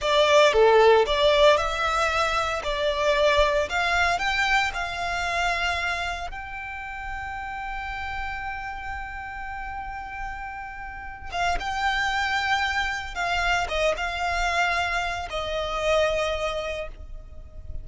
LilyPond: \new Staff \with { instrumentName = "violin" } { \time 4/4 \tempo 4 = 114 d''4 a'4 d''4 e''4~ | e''4 d''2 f''4 | g''4 f''2. | g''1~ |
g''1~ | g''4. f''8 g''2~ | g''4 f''4 dis''8 f''4.~ | f''4 dis''2. | }